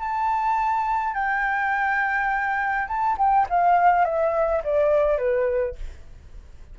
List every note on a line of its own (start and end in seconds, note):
0.00 1.15 A5
1.15 2.88 G5
2.88 3.17 A5
3.18 3.47 G5
3.50 4.05 F5
4.05 4.62 E5
4.64 5.18 D5
5.18 5.76 B4